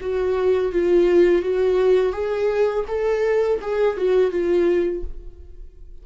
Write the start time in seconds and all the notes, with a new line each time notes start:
0.00 F#4
0.72 F4
1.42 F#4
2.12 G#4
2.88 A4
3.61 G#4
3.97 F#4
4.31 F4